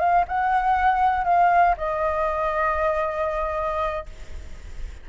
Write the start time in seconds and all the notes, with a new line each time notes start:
0.00 F5
0.28 F#5
1.25 F5
1.78 D#5